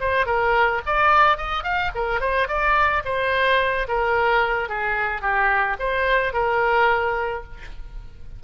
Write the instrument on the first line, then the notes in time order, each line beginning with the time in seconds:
oboe
0.00 C5
0.26 A#4
0.86 D5
1.37 D#5
1.64 F5
1.95 A#4
2.20 C5
2.48 D5
3.05 C5
3.88 A#4
4.69 G#4
5.22 G4
5.79 C5
6.33 A#4